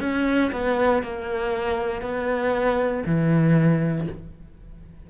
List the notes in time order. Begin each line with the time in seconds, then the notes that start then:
0.00 C#4
0.52 B3
1.03 A#3
2.02 B3
3.06 E3